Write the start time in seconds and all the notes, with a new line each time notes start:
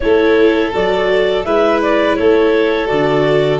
0.00 A3 E4 A4 C#5
0.72 F#3 F#4 D5
1.44 G#3 E4 B4 E5
1.81 D5
2.15 A3 A4 C#5
2.86 D3 F#4 D5